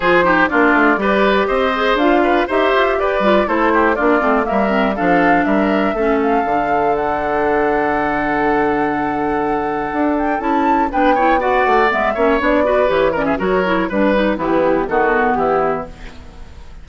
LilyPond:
<<
  \new Staff \with { instrumentName = "flute" } { \time 4/4 \tempo 4 = 121 c''4 d''2 dis''4 | f''4 e''4 d''4 c''4 | d''4 e''4 f''4 e''4~ | e''8 f''4. fis''2~ |
fis''1~ | fis''8 g''8 a''4 g''4 fis''4 | e''4 d''4 cis''8 d''16 e''16 cis''4 | b'4 g'4 a'4 g'4 | }
  \new Staff \with { instrumentName = "oboe" } { \time 4/4 gis'8 g'8 f'4 b'4 c''4~ | c''8 b'8 c''4 b'4 a'8 g'8 | f'4 ais'4 a'4 ais'4 | a'1~ |
a'1~ | a'2 b'8 cis''8 d''4~ | d''8 cis''4 b'4 ais'16 gis'16 ais'4 | b'4 b4 fis'4 e'4 | }
  \new Staff \with { instrumentName = "clarinet" } { \time 4/4 f'8 dis'8 d'4 g'4. gis'8 | f'4 g'4. f'8 e'4 | d'8 c'8 ais8 c'8 d'2 | cis'4 d'2.~ |
d'1~ | d'4 e'4 d'8 e'8 fis'4 | b8 cis'8 d'8 fis'8 g'8 cis'8 fis'8 e'8 | d'8 dis'8 e'4 b2 | }
  \new Staff \with { instrumentName = "bassoon" } { \time 4/4 f4 ais8 a8 g4 c'4 | d'4 dis'8 f'8 g'8 g8 a4 | ais8 a8 g4 f4 g4 | a4 d2.~ |
d1 | d'4 cis'4 b4. a8 | gis8 ais8 b4 e4 fis4 | g4 e4 dis4 e4 | }
>>